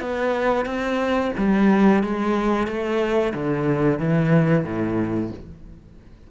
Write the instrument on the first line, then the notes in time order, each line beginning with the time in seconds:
cello
0.00 B3
0.66 C4
1.38 G3
2.03 G#3
2.67 A3
3.33 D3
3.99 E3
4.64 A2